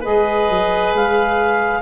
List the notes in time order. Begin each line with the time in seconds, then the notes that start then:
0.00 G#3 G#4 B4 D#5
0.50 F#3
0.94 G#3 F5